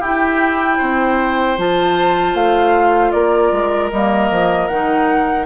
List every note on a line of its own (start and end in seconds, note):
0.00 0.78 E4
0.00 1.58 E4
0.00 0.78 G4
0.00 1.59 G5
0.78 1.58 C4
0.78 3.12 C5
1.58 2.35 F3
1.58 3.92 F4
1.58 2.36 A5
2.35 3.12 A3
2.35 3.12 F5
3.12 3.52 A#3
3.12 5.46 A#4
3.12 3.90 D5
3.52 3.91 G#3
3.92 4.31 G3
3.92 4.70 A#3
3.92 4.68 D#5
4.31 4.70 F3
4.68 5.46 D#3
4.68 5.46 D#4
4.68 5.46 F#5